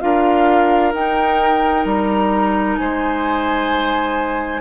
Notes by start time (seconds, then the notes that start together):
0.00 D4 F4 A#4 F5
0.93 D#4 G5
1.85 G3 A#5
2.76 G#3 C5 G#5